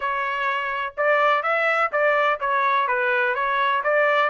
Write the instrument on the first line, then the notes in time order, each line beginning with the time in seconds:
trumpet
0.00 C#5
0.97 D5
1.43 E5
1.92 D5
2.40 C#5
2.87 B4
3.34 C#5
3.83 D5